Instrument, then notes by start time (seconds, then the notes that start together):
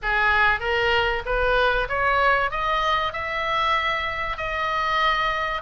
oboe
0.02 G#4
0.60 A#4
1.25 B4
1.89 C#5
2.50 D#5
3.12 E5
4.37 D#5